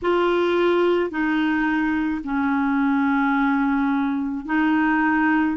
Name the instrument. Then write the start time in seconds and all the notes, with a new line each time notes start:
clarinet
0.02 F4
1.10 D#4
2.24 C#4
4.45 D#4